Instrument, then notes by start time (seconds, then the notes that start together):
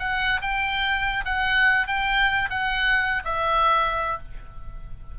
oboe
0.00 F#5
0.42 G5
1.25 F#5
1.87 G5
2.50 F#5
3.25 E5